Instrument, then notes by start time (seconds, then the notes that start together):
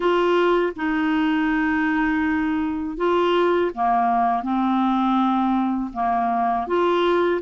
clarinet
0.00 F4
0.75 D#4
2.97 F4
3.74 A#3
4.42 C4
5.93 A#3
6.67 F4